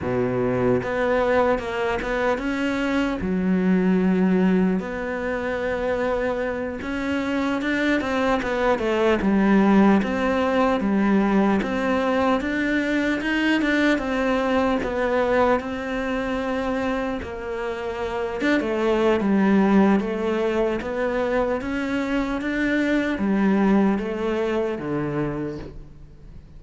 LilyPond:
\new Staff \with { instrumentName = "cello" } { \time 4/4 \tempo 4 = 75 b,4 b4 ais8 b8 cis'4 | fis2 b2~ | b8 cis'4 d'8 c'8 b8 a8 g8~ | g8 c'4 g4 c'4 d'8~ |
d'8 dis'8 d'8 c'4 b4 c'8~ | c'4. ais4. d'16 a8. | g4 a4 b4 cis'4 | d'4 g4 a4 d4 | }